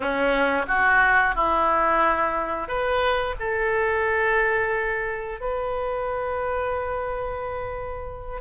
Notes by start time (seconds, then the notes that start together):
0.00 C#4
0.67 F#4
1.35 E4
2.68 B4
3.39 A4
5.40 B4